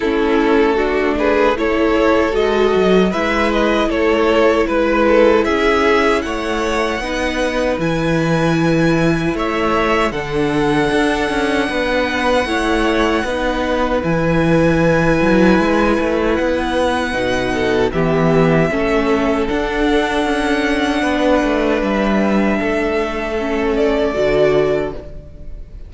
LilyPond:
<<
  \new Staff \with { instrumentName = "violin" } { \time 4/4 \tempo 4 = 77 a'4. b'8 cis''4 dis''4 | e''8 dis''8 cis''4 b'4 e''4 | fis''2 gis''2 | e''4 fis''2.~ |
fis''2 gis''2~ | gis''4 fis''2 e''4~ | e''4 fis''2. | e''2~ e''8 d''4. | }
  \new Staff \with { instrumentName = "violin" } { \time 4/4 e'4 fis'8 gis'8 a'2 | b'4 a'4 b'8 a'8 gis'4 | cis''4 b'2. | cis''4 a'2 b'4 |
cis''4 b'2.~ | b'2~ b'8 a'8 g'4 | a'2. b'4~ | b'4 a'2. | }
  \new Staff \with { instrumentName = "viola" } { \time 4/4 cis'4 d'4 e'4 fis'4 | e'1~ | e'4 dis'4 e'2~ | e'4 d'2. |
e'4 dis'4 e'2~ | e'2 dis'4 b4 | cis'4 d'2.~ | d'2 cis'4 fis'4 | }
  \new Staff \with { instrumentName = "cello" } { \time 4/4 a2. gis8 fis8 | gis4 a4 gis4 cis'4 | a4 b4 e2 | a4 d4 d'8 cis'8 b4 |
a4 b4 e4. fis8 | gis8 a8 b4 b,4 e4 | a4 d'4 cis'4 b8 a8 | g4 a2 d4 | }
>>